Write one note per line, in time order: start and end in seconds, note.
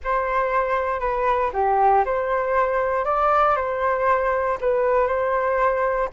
0.03 1.00 C5
1.00 1.50 B4
1.53 2.04 G4
2.05 3.05 C5
3.05 3.55 D5
3.56 4.57 C5
4.60 5.07 B4
5.07 6.09 C5